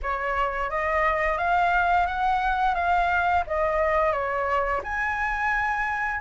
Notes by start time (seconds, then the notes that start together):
0.02 C#5
0.70 D#5
1.38 F5
2.06 F#5
2.75 F5
3.46 D#5
4.12 C#5
4.83 G#5